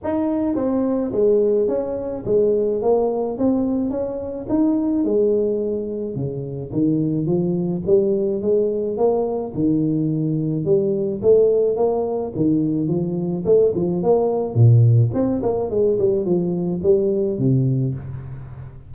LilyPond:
\new Staff \with { instrumentName = "tuba" } { \time 4/4 \tempo 4 = 107 dis'4 c'4 gis4 cis'4 | gis4 ais4 c'4 cis'4 | dis'4 gis2 cis4 | dis4 f4 g4 gis4 |
ais4 dis2 g4 | a4 ais4 dis4 f4 | a8 f8 ais4 ais,4 c'8 ais8 | gis8 g8 f4 g4 c4 | }